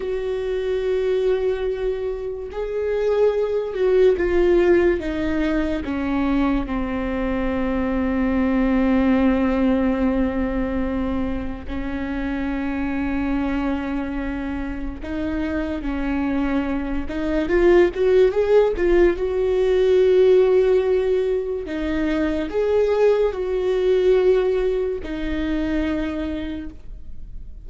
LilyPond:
\new Staff \with { instrumentName = "viola" } { \time 4/4 \tempo 4 = 72 fis'2. gis'4~ | gis'8 fis'8 f'4 dis'4 cis'4 | c'1~ | c'2 cis'2~ |
cis'2 dis'4 cis'4~ | cis'8 dis'8 f'8 fis'8 gis'8 f'8 fis'4~ | fis'2 dis'4 gis'4 | fis'2 dis'2 | }